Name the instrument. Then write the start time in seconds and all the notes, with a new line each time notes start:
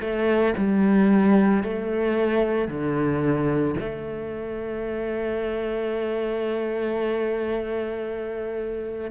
cello
0.00 A3
0.57 G3
1.63 A3
2.67 D3
3.79 A3